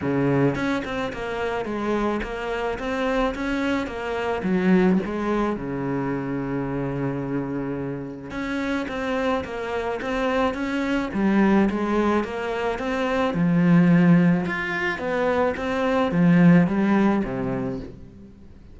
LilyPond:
\new Staff \with { instrumentName = "cello" } { \time 4/4 \tempo 4 = 108 cis4 cis'8 c'8 ais4 gis4 | ais4 c'4 cis'4 ais4 | fis4 gis4 cis2~ | cis2. cis'4 |
c'4 ais4 c'4 cis'4 | g4 gis4 ais4 c'4 | f2 f'4 b4 | c'4 f4 g4 c4 | }